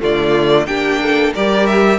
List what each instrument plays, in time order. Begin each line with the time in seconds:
0.00 cello D3, viola A3, violin F4 D5
0.66 cello A#3, viola D4, violin G4 G5
1.02 violin A4
1.34 cello G3, viola G4, violin A#4 D5
1.66 violin E5